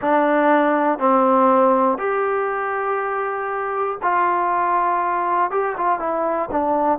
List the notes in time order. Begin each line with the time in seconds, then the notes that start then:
0.01 D4
0.99 C4
1.97 G4
4.02 F4
5.50 G4
5.77 F4
5.99 E4
6.51 D4